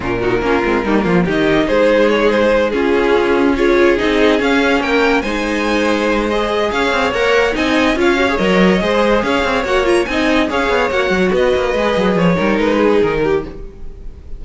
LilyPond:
<<
  \new Staff \with { instrumentName = "violin" } { \time 4/4 \tempo 4 = 143 ais'2. dis''4 | c''4 cis''8 c''4 gis'4.~ | gis'8 cis''4 dis''4 f''4 g''8~ | g''8 gis''2~ gis''8 dis''4 |
f''4 fis''4 gis''4 f''4 | dis''2 f''4 fis''8 ais''8 | gis''4 f''4 fis''4 dis''4~ | dis''4 cis''4 b'4 ais'4 | }
  \new Staff \with { instrumentName = "violin" } { \time 4/4 f'8 fis'8 f'4 dis'8 f'8 g'4 | gis'2~ gis'8 f'4.~ | f'8 gis'2. ais'8~ | ais'8 c''2.~ c''8 |
cis''2 dis''4 cis''4~ | cis''4 c''4 cis''2 | dis''4 cis''2 b'4~ | b'4. ais'4 gis'4 g'8 | }
  \new Staff \with { instrumentName = "viola" } { \time 4/4 cis'8 dis'8 cis'8 c'8 ais4 dis'4~ | dis'2~ dis'8 cis'4.~ | cis'8 f'4 dis'4 cis'4.~ | cis'8 dis'2~ dis'8 gis'4~ |
gis'4 ais'4 dis'4 f'8 fis'16 gis'16 | ais'4 gis'2 fis'8 f'8 | dis'4 gis'4 fis'2 | gis'4. dis'2~ dis'8 | }
  \new Staff \with { instrumentName = "cello" } { \time 4/4 ais,4 ais8 gis8 g8 f8 dis4 | gis2~ gis8 cis'4.~ | cis'4. c'4 cis'4 ais8~ | ais8 gis2.~ gis8 |
cis'8 c'8 ais4 c'4 cis'4 | fis4 gis4 cis'8 c'8 ais4 | c'4 cis'8 b8 ais8 fis8 b8 ais8 | gis8 fis8 f8 g8 gis4 dis4 | }
>>